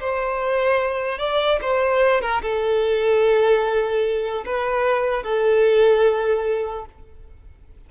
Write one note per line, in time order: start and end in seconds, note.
0.00 1.19 C5
1.19 1.59 D5
1.62 2.21 C5
2.21 2.41 A#4
2.42 4.44 A4
4.46 5.23 B4
5.23 6.85 A4